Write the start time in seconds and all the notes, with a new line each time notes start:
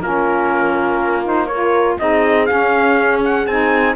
0.00 A#3 C#4 F4 A#4
1.24 D#4 C5
1.46 A#4 C#5
1.53 F4
1.99 C4 D#4 G#4 D#5
2.46 C#4 F5
3.24 F#5
3.47 C4 D#4 G#5